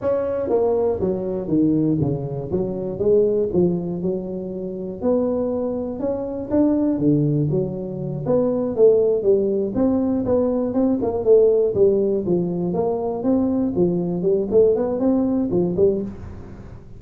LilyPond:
\new Staff \with { instrumentName = "tuba" } { \time 4/4 \tempo 4 = 120 cis'4 ais4 fis4 dis4 | cis4 fis4 gis4 f4 | fis2 b2 | cis'4 d'4 d4 fis4~ |
fis8 b4 a4 g4 c'8~ | c'8 b4 c'8 ais8 a4 g8~ | g8 f4 ais4 c'4 f8~ | f8 g8 a8 b8 c'4 f8 g8 | }